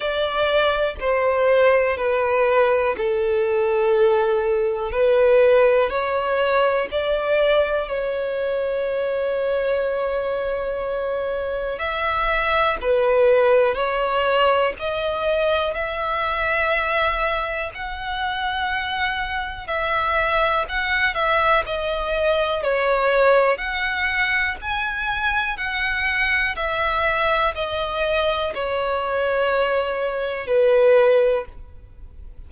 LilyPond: \new Staff \with { instrumentName = "violin" } { \time 4/4 \tempo 4 = 61 d''4 c''4 b'4 a'4~ | a'4 b'4 cis''4 d''4 | cis''1 | e''4 b'4 cis''4 dis''4 |
e''2 fis''2 | e''4 fis''8 e''8 dis''4 cis''4 | fis''4 gis''4 fis''4 e''4 | dis''4 cis''2 b'4 | }